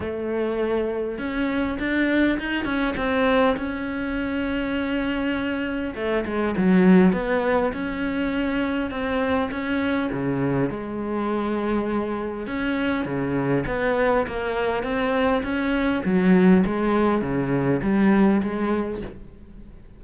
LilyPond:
\new Staff \with { instrumentName = "cello" } { \time 4/4 \tempo 4 = 101 a2 cis'4 d'4 | dis'8 cis'8 c'4 cis'2~ | cis'2 a8 gis8 fis4 | b4 cis'2 c'4 |
cis'4 cis4 gis2~ | gis4 cis'4 cis4 b4 | ais4 c'4 cis'4 fis4 | gis4 cis4 g4 gis4 | }